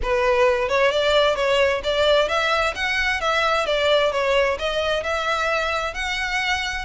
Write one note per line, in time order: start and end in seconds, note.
0.02 0.68 B4
0.68 0.91 C#5
0.91 1.35 D5
1.35 1.81 C#5
1.83 2.28 D5
2.28 2.74 E5
2.75 3.20 F#5
3.20 3.66 E5
3.66 4.11 D5
4.11 4.57 C#5
4.58 5.03 D#5
5.03 5.94 E5
5.94 6.85 F#5